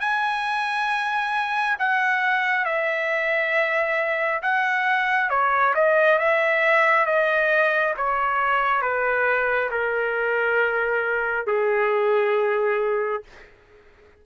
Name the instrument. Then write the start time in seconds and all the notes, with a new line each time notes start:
trumpet
0.00 G#5
1.79 F#5
2.65 E5
4.42 F#5
5.29 C#5
5.74 D#5
6.18 E5
7.06 D#5
7.97 C#5
8.82 B4
9.71 A#4
11.46 G#4